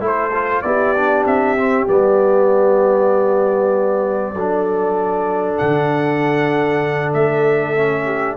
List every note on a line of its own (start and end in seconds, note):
0.00 0.62 A3
0.00 0.31 E4
0.00 0.65 A4
0.00 0.62 C5
0.33 0.64 F4
0.62 1.25 B3
0.62 0.95 E4
0.62 4.34 G4
0.62 1.24 D5
0.96 1.57 D4
1.25 1.87 C4
1.25 1.88 E5
1.57 1.87 C4
1.87 4.34 G3
1.87 4.34 B3
1.87 5.57 D5
4.34 5.57 F#3
4.34 7.76 D4
4.34 8.05 A4
5.57 7.14 D3
5.57 7.12 F#5
7.13 8.37 A3
7.13 8.37 E5
7.76 8.37 C#4
8.05 8.36 G4